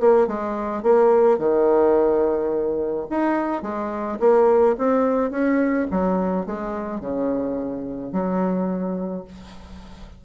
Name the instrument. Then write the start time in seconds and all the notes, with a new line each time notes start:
bassoon
0.00 A#3
0.27 G#3
0.83 A#3
1.38 D#3
3.10 D#4
3.62 G#3
4.20 A#3
4.78 C4
5.31 C#4
5.91 F#3
6.46 G#3
7.00 C#3
8.12 F#3